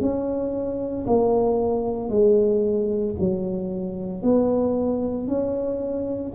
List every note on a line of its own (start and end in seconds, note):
0.00 1.05 C#4
1.07 2.09 A#3
2.09 3.14 G#3
3.19 4.22 F#3
4.22 5.27 B3
5.27 6.33 C#4